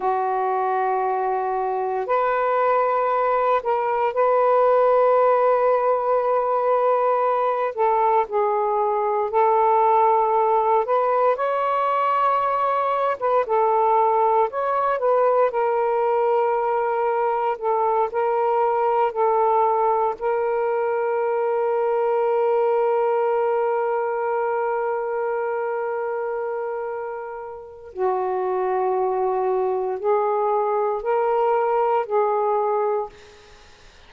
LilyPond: \new Staff \with { instrumentName = "saxophone" } { \time 4/4 \tempo 4 = 58 fis'2 b'4. ais'8 | b'2.~ b'8 a'8 | gis'4 a'4. b'8 cis''4~ | cis''8. b'16 a'4 cis''8 b'8 ais'4~ |
ais'4 a'8 ais'4 a'4 ais'8~ | ais'1~ | ais'2. fis'4~ | fis'4 gis'4 ais'4 gis'4 | }